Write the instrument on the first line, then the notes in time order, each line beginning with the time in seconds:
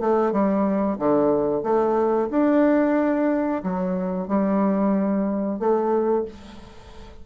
bassoon
0.00 A3
0.32 G3
0.99 D3
1.63 A3
2.30 D4
3.63 F#3
4.28 G3
5.59 A3